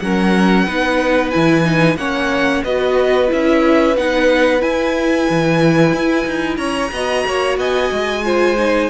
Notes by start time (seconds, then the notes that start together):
0.00 F#3 C#4 A#4 F#5
0.66 B3 D#4 B4
1.31 E3 E4 G#5
1.65 D#4
1.97 A#3 C#4 C#5 F#5
2.64 B3 F#4 B4 D#5
3.28 C#4 E4 E5
3.97 B3 D#4 F#5
4.60 E4 G#5
5.30 E3
5.94 E4
6.27 D#4
6.58 C#4 C#5 A#5
6.92 B3 F#4 D#5
7.27 A#3 C#5
7.58 B3 D#5 G#5
7.92 G#3
8.24 F4 C5
8.58 D#4